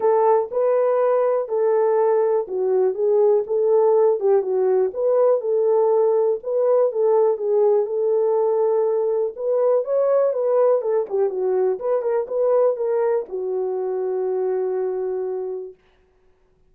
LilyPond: \new Staff \with { instrumentName = "horn" } { \time 4/4 \tempo 4 = 122 a'4 b'2 a'4~ | a'4 fis'4 gis'4 a'4~ | a'8 g'8 fis'4 b'4 a'4~ | a'4 b'4 a'4 gis'4 |
a'2. b'4 | cis''4 b'4 a'8 g'8 fis'4 | b'8 ais'8 b'4 ais'4 fis'4~ | fis'1 | }